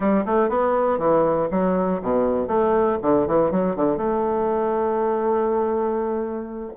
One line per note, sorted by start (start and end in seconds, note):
0.00 0.24 G3
0.25 0.49 A3
0.49 0.98 B3
0.98 1.48 E3
1.50 2.00 F#3
2.02 2.47 B2
2.47 2.97 A3
3.02 3.27 D3
3.27 3.51 E3
3.51 3.75 F#3
3.75 3.97 D3
3.97 6.72 A3